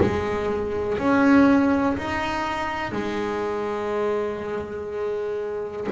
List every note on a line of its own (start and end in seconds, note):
0.00 0.98 G#3
0.98 1.96 C#4
1.97 2.92 D#4
2.92 5.87 G#3